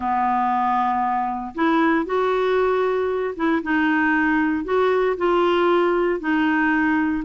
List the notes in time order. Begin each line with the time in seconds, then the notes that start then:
0.00 B3
1.54 E4
2.05 F#4
3.36 E4
3.63 D#4
4.64 F#4
5.17 F4
6.20 D#4